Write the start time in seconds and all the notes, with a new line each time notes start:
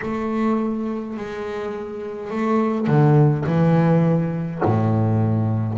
0.01 A3
1.16 G#3
2.30 A3
2.87 D3
3.46 E3
4.65 A2